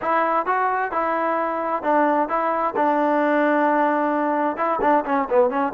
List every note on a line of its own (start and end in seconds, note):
0.01 0.46 E4
0.46 0.91 F#4
0.91 1.82 E4
1.82 2.28 D4
2.28 2.74 E4
2.76 4.56 D4
4.56 4.79 E4
4.81 5.04 D4
5.05 5.28 C#4
5.29 5.50 B3
5.50 5.73 C#4